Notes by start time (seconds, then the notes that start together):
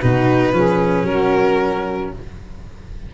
0.00 B2 D#4 F#4 B4
0.53 F3 C#4 G#4
1.03 F#3 F#4 A#4